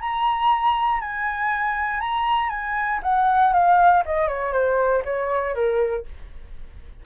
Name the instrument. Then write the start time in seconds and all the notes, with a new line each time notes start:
flute
0.00 A#5
1.00 G#5
2.00 A#5
2.50 G#5
3.03 F#5
3.53 F5
4.05 D#5
4.28 C#5
4.52 C5
5.04 C#5
5.54 A#4